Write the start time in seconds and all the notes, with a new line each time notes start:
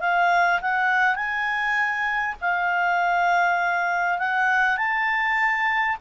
0.00 F5
0.61 F#5
1.15 G#5
2.41 F5
4.19 F#5
4.77 A5